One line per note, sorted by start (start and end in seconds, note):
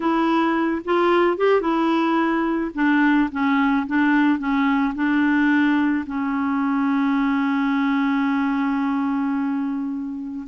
0.00 0.82 E4
0.84 1.37 F4
1.37 1.61 G4
1.61 2.71 E4
2.74 3.29 D4
3.31 3.86 C#4
3.87 4.38 D4
4.38 4.93 C#4
4.94 6.05 D4
6.06 10.46 C#4